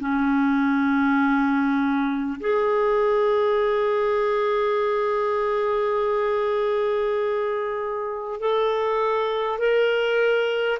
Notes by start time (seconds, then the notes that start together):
0.00 C#4
2.40 G#4
8.41 A4
9.58 A#4